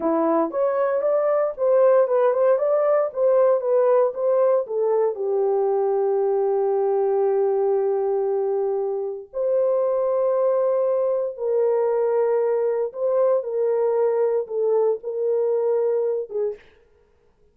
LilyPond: \new Staff \with { instrumentName = "horn" } { \time 4/4 \tempo 4 = 116 e'4 cis''4 d''4 c''4 | b'8 c''8 d''4 c''4 b'4 | c''4 a'4 g'2~ | g'1~ |
g'2 c''2~ | c''2 ais'2~ | ais'4 c''4 ais'2 | a'4 ais'2~ ais'8 gis'8 | }